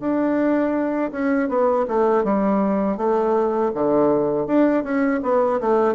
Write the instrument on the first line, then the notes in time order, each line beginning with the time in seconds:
bassoon
0.00 D4
1.11 C#4
1.48 B3
1.88 A3
2.24 G3
2.97 A3
3.74 D3
4.46 D4
4.84 C#4
5.23 B3
5.60 A3